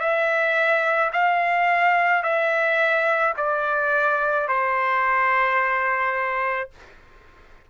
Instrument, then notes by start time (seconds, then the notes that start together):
trumpet
0.00 E5
1.13 F5
2.23 E5
3.37 D5
4.48 C5